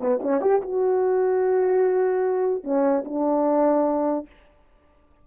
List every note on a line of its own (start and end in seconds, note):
0.00 0.20 B3
0.22 0.41 C#4
0.41 0.61 G4
0.62 2.64 F#4
2.64 3.04 C#4
3.05 4.26 D4